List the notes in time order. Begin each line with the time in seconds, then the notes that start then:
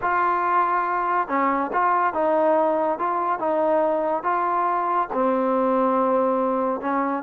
0.01 F4
1.28 C#4
1.72 F4
2.13 D#4
2.98 F4
3.39 D#4
4.23 F4
5.12 C4
6.80 C#4